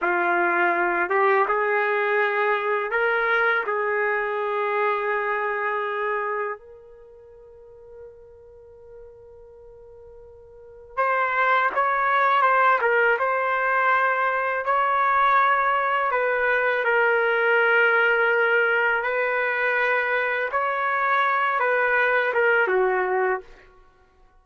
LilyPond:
\new Staff \with { instrumentName = "trumpet" } { \time 4/4 \tempo 4 = 82 f'4. g'8 gis'2 | ais'4 gis'2.~ | gis'4 ais'2.~ | ais'2. c''4 |
cis''4 c''8 ais'8 c''2 | cis''2 b'4 ais'4~ | ais'2 b'2 | cis''4. b'4 ais'8 fis'4 | }